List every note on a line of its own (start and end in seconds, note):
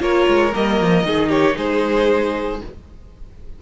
0.00 0.27 A#3
0.00 0.52 F4
0.00 1.07 A#4
0.00 0.54 C#5
0.28 0.54 G#3
0.52 0.81 G3
0.52 1.04 A#3
0.52 1.31 D#5
0.81 1.03 F3
1.03 1.56 D#3
1.03 2.63 D#4
1.03 1.29 G#4
1.29 1.55 G4
1.29 1.57 C#5
1.57 2.62 G#3
1.57 2.62 G#4
1.57 2.62 C5